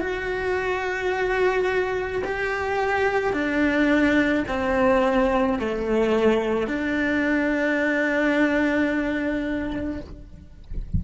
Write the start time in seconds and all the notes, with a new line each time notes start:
0.00 F#4
2.24 G4
3.33 D4
4.48 C4
5.59 A3
6.68 D4